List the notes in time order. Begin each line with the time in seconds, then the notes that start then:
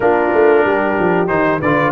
0.00 A#3 D4 F4 A#4
0.33 A3
0.64 G3 G4
0.99 F3
1.27 D#3 D#4 C5
1.60 D3 F4 B4 D5